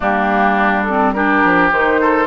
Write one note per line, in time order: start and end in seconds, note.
0.00 1.44 G3
0.00 0.86 A#3
0.00 1.14 D4
0.00 0.83 G4
0.83 1.14 C4
0.83 1.12 A4
1.13 1.71 D4
1.13 2.00 G4
1.13 1.70 A#4
1.44 1.72 F3
1.72 2.26 D#3
1.72 2.26 D#4
1.72 2.26 C5
2.00 2.26 A4